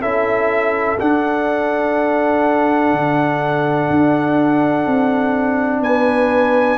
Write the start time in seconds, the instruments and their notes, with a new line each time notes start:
0.00 tuba C#4, trombone E4, horn A4, trumpet E5
1.00 trombone D4, tuba D4, trumpet F#5
2.93 tuba D3
3.90 tuba D4
4.86 tuba C4
5.80 tuba B3, horn B4, trumpet G#5